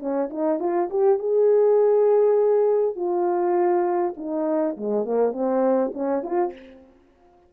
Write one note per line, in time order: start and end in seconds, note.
0.00 0.30 C#4
0.30 0.60 D#4
0.60 0.90 F4
0.90 1.19 G4
1.19 2.96 G#4
2.96 4.15 F4
4.17 4.77 D#4
4.77 5.05 G#3
5.05 5.32 A#3
5.32 5.92 C4
5.94 6.23 C#4
6.23 6.53 F4